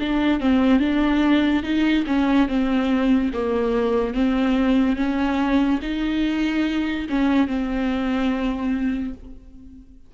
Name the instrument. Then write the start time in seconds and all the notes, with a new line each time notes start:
viola
0.00 D4
0.41 C4
0.80 D4
1.63 D#4
2.07 C#4
2.48 C4
3.34 A#3
4.14 C4
4.97 C#4
5.82 D#4
7.09 C#4
7.48 C4